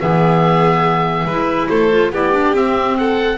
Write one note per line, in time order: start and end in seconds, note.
0.00 1.25 E3
0.00 1.29 B3
0.00 1.25 G#4
0.00 1.68 E5
1.25 1.68 G#3
1.25 1.91 E4
1.25 1.68 B4
1.68 2.11 A3
1.68 2.12 A4
1.68 2.11 C5
1.91 2.13 F4
2.11 2.53 B3
2.11 2.32 E4
2.11 2.97 G4
2.11 2.56 D5
2.32 2.54 D4
2.54 3.38 C4
2.54 2.98 E5
2.98 3.38 A4
2.98 3.38 F#5